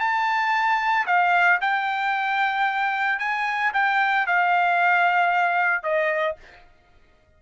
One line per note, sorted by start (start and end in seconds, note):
0.00 1.06 A5
1.07 1.60 F5
1.61 3.19 G5
3.19 3.72 G#5
3.74 4.27 G5
4.27 5.83 F5
5.83 6.36 D#5